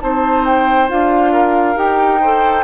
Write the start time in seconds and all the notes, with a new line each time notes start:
0.00 C4 D#4 C5 A5
0.45 G5
0.88 D4 F4 F5
1.32 A#4
1.75 D#4 G4 G5
2.20 A4 C5